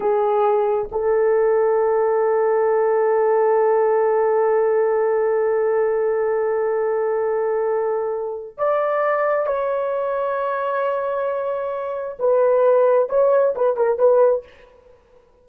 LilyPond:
\new Staff \with { instrumentName = "horn" } { \time 4/4 \tempo 4 = 133 gis'2 a'2~ | a'1~ | a'1~ | a'1~ |
a'2. d''4~ | d''4 cis''2.~ | cis''2. b'4~ | b'4 cis''4 b'8 ais'8 b'4 | }